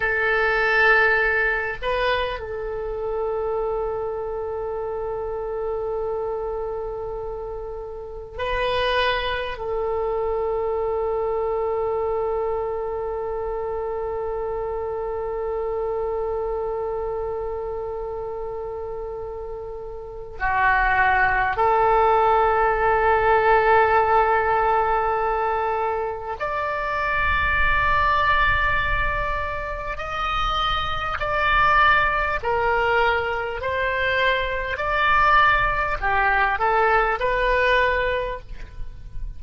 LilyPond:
\new Staff \with { instrumentName = "oboe" } { \time 4/4 \tempo 4 = 50 a'4. b'8 a'2~ | a'2. b'4 | a'1~ | a'1~ |
a'4 fis'4 a'2~ | a'2 d''2~ | d''4 dis''4 d''4 ais'4 | c''4 d''4 g'8 a'8 b'4 | }